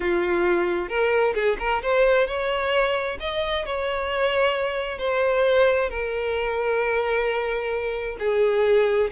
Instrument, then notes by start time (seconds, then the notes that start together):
violin
0.00 F4
0.88 A#4
1.34 G#4
1.59 A#4
1.82 C5
2.27 C#5
3.20 D#5
3.65 C#5
4.98 C5
5.89 A#4
8.19 G#4